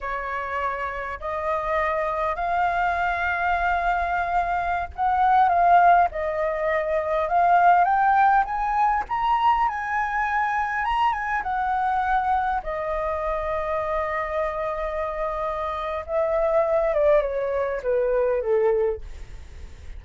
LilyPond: \new Staff \with { instrumentName = "flute" } { \time 4/4 \tempo 4 = 101 cis''2 dis''2 | f''1~ | f''16 fis''4 f''4 dis''4.~ dis''16~ | dis''16 f''4 g''4 gis''4 ais''8.~ |
ais''16 gis''2 ais''8 gis''8 fis''8.~ | fis''4~ fis''16 dis''2~ dis''8.~ | dis''2. e''4~ | e''8 d''8 cis''4 b'4 a'4 | }